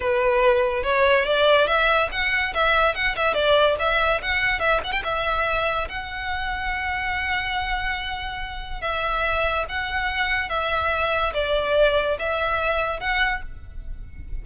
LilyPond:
\new Staff \with { instrumentName = "violin" } { \time 4/4 \tempo 4 = 143 b'2 cis''4 d''4 | e''4 fis''4 e''4 fis''8 e''8 | d''4 e''4 fis''4 e''8 fis''16 g''16 | e''2 fis''2~ |
fis''1~ | fis''4 e''2 fis''4~ | fis''4 e''2 d''4~ | d''4 e''2 fis''4 | }